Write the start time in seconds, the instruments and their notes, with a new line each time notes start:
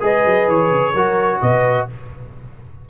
0.00 tuba G#3, trombone G#4, horn B4, trumpet D#5
0.25 tuba F#3
0.47 tuba E3, trumpet C#5
0.71 tuba C#3
0.93 tuba F#3, trombone F#4, horn A#4
1.41 tuba B2, horn B4, trumpet D#5